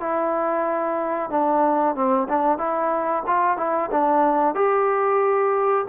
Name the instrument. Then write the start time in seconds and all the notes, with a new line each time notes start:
trombone
0.00 E4
1.30 D4
1.95 C4
2.29 D4
2.58 E4
3.27 F4
3.58 E4
3.91 D4
4.55 G4